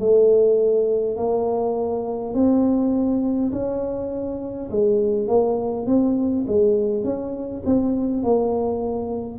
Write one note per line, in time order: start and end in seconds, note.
0.00 1.17 A3
1.17 2.35 A#3
2.35 3.52 C4
3.52 4.70 C#4
4.71 5.28 G#3
5.28 5.87 A#3
5.87 6.46 C4
6.48 7.04 G#3
7.04 7.63 C#4
7.66 8.24 C4
8.24 9.40 A#3